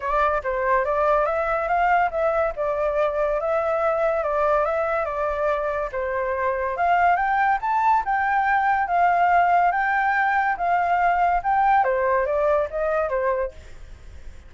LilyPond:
\new Staff \with { instrumentName = "flute" } { \time 4/4 \tempo 4 = 142 d''4 c''4 d''4 e''4 | f''4 e''4 d''2 | e''2 d''4 e''4 | d''2 c''2 |
f''4 g''4 a''4 g''4~ | g''4 f''2 g''4~ | g''4 f''2 g''4 | c''4 d''4 dis''4 c''4 | }